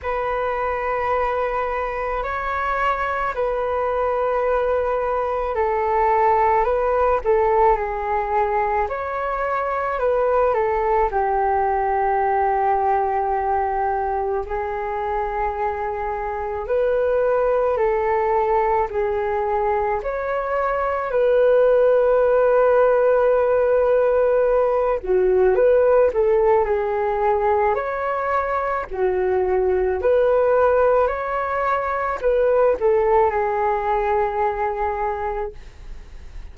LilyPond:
\new Staff \with { instrumentName = "flute" } { \time 4/4 \tempo 4 = 54 b'2 cis''4 b'4~ | b'4 a'4 b'8 a'8 gis'4 | cis''4 b'8 a'8 g'2~ | g'4 gis'2 b'4 |
a'4 gis'4 cis''4 b'4~ | b'2~ b'8 fis'8 b'8 a'8 | gis'4 cis''4 fis'4 b'4 | cis''4 b'8 a'8 gis'2 | }